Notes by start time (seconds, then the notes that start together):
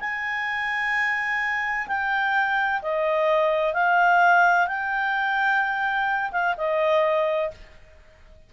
0.00 G#5
1.87 G5
2.82 D#5
3.74 F5
4.67 G5
6.32 F5
6.57 D#5